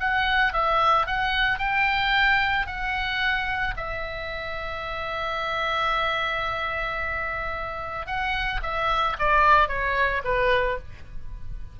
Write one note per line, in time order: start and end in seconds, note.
0.00 0.53 F#5
0.53 1.07 E5
1.07 1.59 F#5
1.59 2.67 G5
2.67 3.75 F#5
3.77 8.07 E5
8.07 8.61 F#5
8.62 9.16 E5
9.19 9.68 D5
9.68 10.22 C#5
10.24 10.78 B4